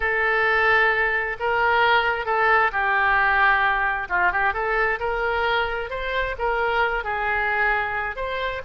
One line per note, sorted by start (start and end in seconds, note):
0.00 1.36 A4
1.39 2.25 A#4
2.25 2.71 A4
2.71 4.08 G4
4.09 4.31 F4
4.32 4.53 G4
4.53 4.99 A4
4.99 5.90 A#4
5.90 6.35 C5
6.38 7.04 A#4
7.04 8.16 G#4
8.16 8.61 C5